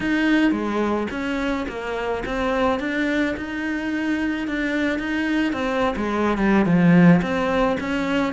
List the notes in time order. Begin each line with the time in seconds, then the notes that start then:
0.00 D#4
0.51 G#3
1.10 C#4
1.68 A#3
2.25 C4
2.79 D4
3.36 D#4
4.47 D4
4.98 D#4
5.53 C4
5.96 G#3
6.37 G3
6.65 F3
7.21 C4
7.80 C#4